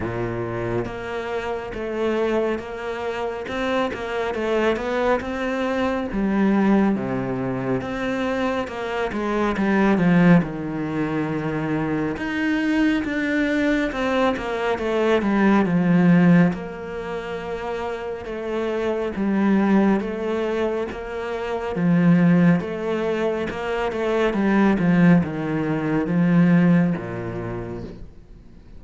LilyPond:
\new Staff \with { instrumentName = "cello" } { \time 4/4 \tempo 4 = 69 ais,4 ais4 a4 ais4 | c'8 ais8 a8 b8 c'4 g4 | c4 c'4 ais8 gis8 g8 f8 | dis2 dis'4 d'4 |
c'8 ais8 a8 g8 f4 ais4~ | ais4 a4 g4 a4 | ais4 f4 a4 ais8 a8 | g8 f8 dis4 f4 ais,4 | }